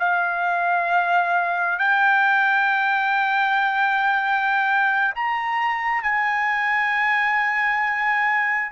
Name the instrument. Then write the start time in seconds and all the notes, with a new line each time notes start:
trumpet
0.00 F5
1.79 G5
5.15 A#5
6.03 G#5